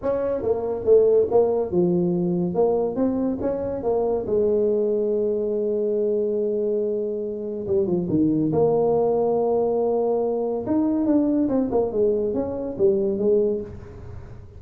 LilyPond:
\new Staff \with { instrumentName = "tuba" } { \time 4/4 \tempo 4 = 141 cis'4 ais4 a4 ais4 | f2 ais4 c'4 | cis'4 ais4 gis2~ | gis1~ |
gis2 g8 f8 dis4 | ais1~ | ais4 dis'4 d'4 c'8 ais8 | gis4 cis'4 g4 gis4 | }